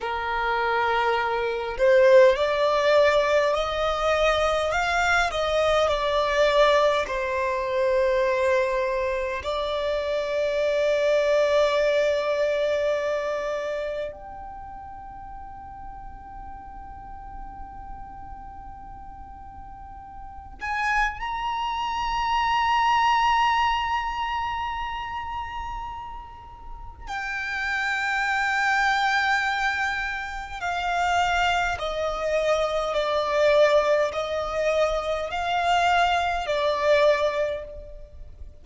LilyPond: \new Staff \with { instrumentName = "violin" } { \time 4/4 \tempo 4 = 51 ais'4. c''8 d''4 dis''4 | f''8 dis''8 d''4 c''2 | d''1 | g''1~ |
g''4. gis''8 ais''2~ | ais''2. g''4~ | g''2 f''4 dis''4 | d''4 dis''4 f''4 d''4 | }